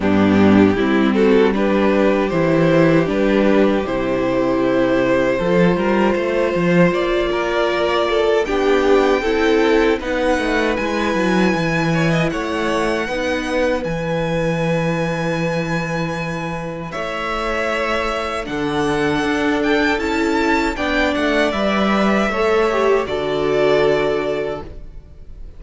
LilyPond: <<
  \new Staff \with { instrumentName = "violin" } { \time 4/4 \tempo 4 = 78 g'4. a'8 b'4 c''4 | b'4 c''2.~ | c''4 d''2 g''4~ | g''4 fis''4 gis''2 |
fis''2 gis''2~ | gis''2 e''2 | fis''4. g''8 a''4 g''8 fis''8 | e''2 d''2 | }
  \new Staff \with { instrumentName = "violin" } { \time 4/4 d'4 e'8 fis'8 g'2~ | g'2. a'8 ais'8 | c''4. ais'4 a'8 g'4 | a'4 b'2~ b'8 cis''16 dis''16 |
cis''4 b'2.~ | b'2 cis''2 | a'2. d''4~ | d''4 cis''4 a'2 | }
  \new Staff \with { instrumentName = "viola" } { \time 4/4 b4 c'4 d'4 e'4 | d'4 e'2 f'4~ | f'2. d'4 | e'4 dis'4 e'2~ |
e'4 dis'4 e'2~ | e'1 | d'2 e'4 d'4 | b'4 a'8 g'8 fis'2 | }
  \new Staff \with { instrumentName = "cello" } { \time 4/4 g,4 g2 e4 | g4 c2 f8 g8 | a8 f8 ais2 b4 | c'4 b8 a8 gis8 fis8 e4 |
a4 b4 e2~ | e2 a2 | d4 d'4 cis'4 b8 a8 | g4 a4 d2 | }
>>